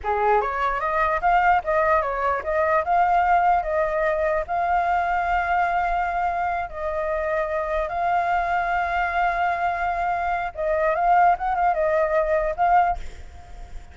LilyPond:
\new Staff \with { instrumentName = "flute" } { \time 4/4 \tempo 4 = 148 gis'4 cis''4 dis''4 f''4 | dis''4 cis''4 dis''4 f''4~ | f''4 dis''2 f''4~ | f''1~ |
f''8 dis''2. f''8~ | f''1~ | f''2 dis''4 f''4 | fis''8 f''8 dis''2 f''4 | }